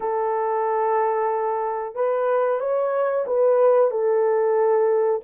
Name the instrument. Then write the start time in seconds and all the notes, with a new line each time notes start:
horn
0.00 A4
1.95 B4
2.59 C#5
3.26 B4
3.90 A4